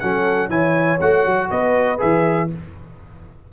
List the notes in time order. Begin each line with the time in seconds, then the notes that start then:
0.00 F#3 C#4 A4 F#5
0.50 E3 E4 C#5 G#5
1.01 A3 F#4 F#5
1.26 F#3
1.51 B3 B4 D#5
1.98 E3 G#4 E5